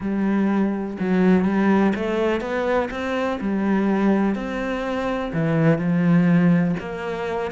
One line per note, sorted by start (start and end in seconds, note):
0.00 0.97 G3
0.99 1.44 F#3
1.44 1.93 G3
1.95 2.40 A3
2.40 2.89 B3
2.90 3.39 C4
3.40 4.35 G3
4.35 5.32 C4
5.33 5.78 E3
5.78 6.75 F3
6.79 7.51 A#3